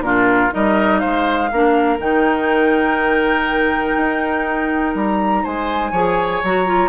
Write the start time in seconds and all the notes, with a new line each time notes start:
0.00 A#2 D4 F4 A#4
0.51 G3 D#4 A#4 D#5
0.99 G#3 C5 F5
1.52 A#3 D4 A#4
1.99 D#3 D#4 G5
3.97 D#4
4.95 G3 A#5
5.43 G#3 C5 G#5
5.92 F3 G#4 C#5
6.44 F#3 F#4 A#5
6.66 F4